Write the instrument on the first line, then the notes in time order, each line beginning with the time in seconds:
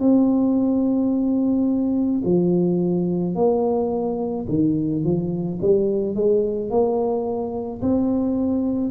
tuba
0.00 C4
2.25 F3
3.35 A#3
4.49 D#3
5.04 F3
5.62 G3
6.15 G#3
6.70 A#3
7.82 C4